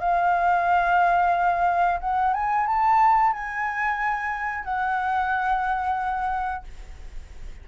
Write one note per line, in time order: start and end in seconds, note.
0.00 2.00 F5
2.00 2.33 F#5
2.33 2.66 G#5
2.66 3.33 A5
3.33 4.64 G#5
4.64 6.64 F#5